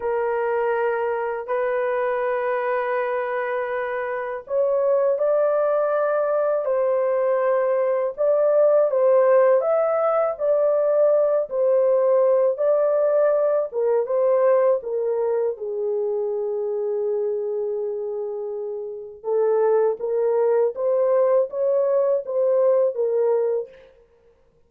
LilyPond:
\new Staff \with { instrumentName = "horn" } { \time 4/4 \tempo 4 = 81 ais'2 b'2~ | b'2 cis''4 d''4~ | d''4 c''2 d''4 | c''4 e''4 d''4. c''8~ |
c''4 d''4. ais'8 c''4 | ais'4 gis'2.~ | gis'2 a'4 ais'4 | c''4 cis''4 c''4 ais'4 | }